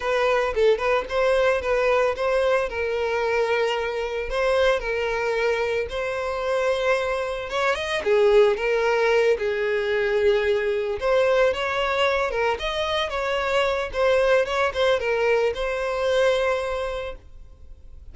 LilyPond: \new Staff \with { instrumentName = "violin" } { \time 4/4 \tempo 4 = 112 b'4 a'8 b'8 c''4 b'4 | c''4 ais'2. | c''4 ais'2 c''4~ | c''2 cis''8 dis''8 gis'4 |
ais'4. gis'2~ gis'8~ | gis'8 c''4 cis''4. ais'8 dis''8~ | dis''8 cis''4. c''4 cis''8 c''8 | ais'4 c''2. | }